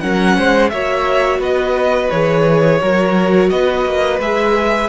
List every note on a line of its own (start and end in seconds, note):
0.00 0.37 F#3
0.00 0.71 C#4
0.00 0.36 A#4
0.00 0.69 F#5
0.36 0.72 G#3
0.36 0.71 C5
0.69 1.39 A#3
0.69 2.11 F#4
0.69 1.40 C#5
0.69 1.39 E5
1.39 2.08 B3
1.39 2.79 B4
1.39 2.10 D#5
2.10 2.81 E3
2.10 2.80 G#4
2.10 3.49 C#5
2.80 3.51 F#3
2.80 4.19 F#4
2.80 3.51 A#4
3.49 3.85 B3
3.49 4.89 B4
3.49 4.19 D#5
3.85 4.19 A#3
4.19 4.89 G#3
4.19 4.89 G#4
4.19 4.89 E5